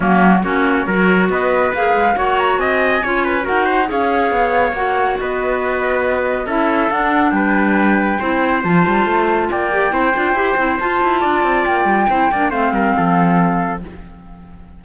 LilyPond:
<<
  \new Staff \with { instrumentName = "flute" } { \time 4/4 \tempo 4 = 139 fis'4 cis''2 dis''4 | f''4 fis''8 ais''8 gis''2 | fis''4 f''2 fis''4 | dis''2. e''4 |
fis''4 g''2. | a''2 g''2~ | g''4 a''2 g''4~ | g''4 f''2. | }
  \new Staff \with { instrumentName = "trumpet" } { \time 4/4 cis'4 fis'4 ais'4 b'4~ | b'4 cis''4 dis''4 cis''8 b'8 | ais'8 c''8 cis''2. | b'2. a'4~ |
a'4 b'2 c''4~ | c''2 d''4 c''4~ | c''2 d''2 | c''8 d''8 c''8 ais'8 a'2 | }
  \new Staff \with { instrumentName = "clarinet" } { \time 4/4 ais4 cis'4 fis'2 | gis'4 fis'2 f'4 | fis'4 gis'2 fis'4~ | fis'2. e'4 |
d'2. e'4 | f'2~ f'8 g'8 e'8 f'8 | g'8 e'8 f'2. | e'8 d'8 c'2. | }
  \new Staff \with { instrumentName = "cello" } { \time 4/4 fis4 ais4 fis4 b4 | ais8 gis8 ais4 c'4 cis'4 | dis'4 cis'4 b4 ais4 | b2. cis'4 |
d'4 g2 c'4 | f8 g8 a4 ais4 c'8 d'8 | e'8 c'8 f'8 e'8 d'8 c'8 ais8 g8 | c'8 ais8 a8 g8 f2 | }
>>